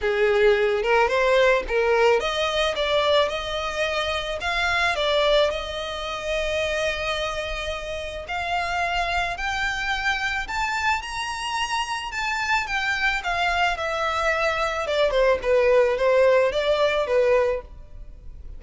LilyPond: \new Staff \with { instrumentName = "violin" } { \time 4/4 \tempo 4 = 109 gis'4. ais'8 c''4 ais'4 | dis''4 d''4 dis''2 | f''4 d''4 dis''2~ | dis''2. f''4~ |
f''4 g''2 a''4 | ais''2 a''4 g''4 | f''4 e''2 d''8 c''8 | b'4 c''4 d''4 b'4 | }